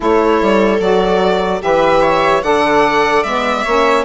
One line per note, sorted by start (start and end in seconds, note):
0.00 0.41 A3
0.00 0.77 E4
0.00 1.63 A4
0.00 0.80 C#5
0.41 0.80 G3
0.80 1.61 F#3
0.80 1.60 F#4
0.80 1.61 D5
1.60 2.42 E3
1.60 2.41 G4
1.60 2.02 B4
1.60 2.43 E5
2.02 2.43 C#5
2.42 3.23 D3
2.42 3.24 A4
2.42 3.63 D5
2.42 3.23 F#5
3.23 3.64 G#3
3.23 3.65 B3
3.23 4.04 E5
3.63 4.04 A#3
3.63 4.04 C#4
3.63 4.04 C#5